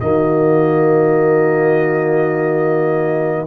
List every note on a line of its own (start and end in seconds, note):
0.00 3.46 D#3
0.00 3.46 A#3
0.00 3.46 F#4
0.00 3.46 D#5